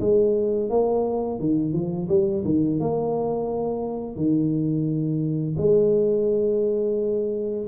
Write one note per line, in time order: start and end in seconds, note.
0.00 0.69 G#3
0.69 1.39 A#3
1.39 1.73 D#3
1.73 2.08 F3
2.08 2.43 G3
2.45 2.79 D#3
2.79 4.16 A#3
4.16 5.56 D#3
5.57 7.66 G#3